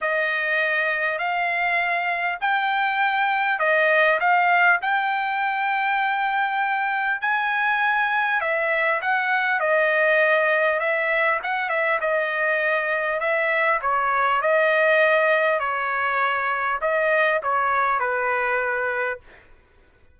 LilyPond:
\new Staff \with { instrumentName = "trumpet" } { \time 4/4 \tempo 4 = 100 dis''2 f''2 | g''2 dis''4 f''4 | g''1 | gis''2 e''4 fis''4 |
dis''2 e''4 fis''8 e''8 | dis''2 e''4 cis''4 | dis''2 cis''2 | dis''4 cis''4 b'2 | }